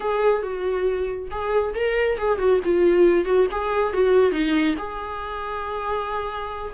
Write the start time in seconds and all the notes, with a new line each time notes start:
0.00 G#4
0.42 F#4
1.30 G#4
1.74 A#4
2.18 G#4
2.38 F#4
2.64 F4
3.25 F#4
3.51 G#4
3.93 F#4
4.31 D#4
4.78 G#4